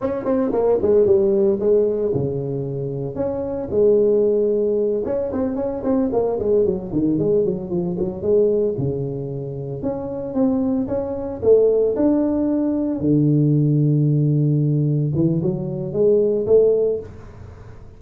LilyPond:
\new Staff \with { instrumentName = "tuba" } { \time 4/4 \tempo 4 = 113 cis'8 c'8 ais8 gis8 g4 gis4 | cis2 cis'4 gis4~ | gis4. cis'8 c'8 cis'8 c'8 ais8 | gis8 fis8 dis8 gis8 fis8 f8 fis8 gis8~ |
gis8 cis2 cis'4 c'8~ | c'8 cis'4 a4 d'4.~ | d'8 d2.~ d8~ | d8 e8 fis4 gis4 a4 | }